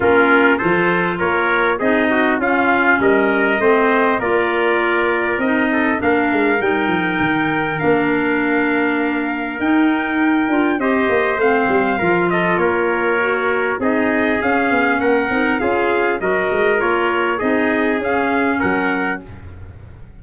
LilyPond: <<
  \new Staff \with { instrumentName = "trumpet" } { \time 4/4 \tempo 4 = 100 ais'4 c''4 cis''4 dis''4 | f''4 dis''2 d''4~ | d''4 dis''4 f''4 g''4~ | g''4 f''2. |
g''2 dis''4 f''4~ | f''8 dis''8 cis''2 dis''4 | f''4 fis''4 f''4 dis''4 | cis''4 dis''4 f''4 fis''4 | }
  \new Staff \with { instrumentName = "trumpet" } { \time 4/4 f'4 a'4 ais'4 gis'8 fis'8 | f'4 ais'4 c''4 ais'4~ | ais'4. a'8 ais'2~ | ais'1~ |
ais'2 c''2 | ais'8 a'8 ais'2 gis'4~ | gis'4 ais'4 gis'4 ais'4~ | ais'4 gis'2 ais'4 | }
  \new Staff \with { instrumentName = "clarinet" } { \time 4/4 cis'4 f'2 dis'4 | cis'2 c'4 f'4~ | f'4 dis'4 d'4 dis'4~ | dis'4 d'2. |
dis'4. f'8 g'4 c'4 | f'2 fis'4 dis'4 | cis'4. dis'8 f'4 fis'4 | f'4 dis'4 cis'2 | }
  \new Staff \with { instrumentName = "tuba" } { \time 4/4 ais4 f4 ais4 c'4 | cis'4 g4 a4 ais4~ | ais4 c'4 ais8 gis8 g8 f8 | dis4 ais2. |
dis'4. d'8 c'8 ais8 a8 g8 | f4 ais2 c'4 | cis'8 b8 ais8 c'8 cis'4 fis8 gis8 | ais4 c'4 cis'4 fis4 | }
>>